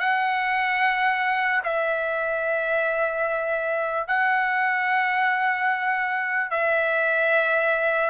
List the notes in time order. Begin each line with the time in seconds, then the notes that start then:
0.00 F#5
1.64 E5
4.08 F#5
6.51 E5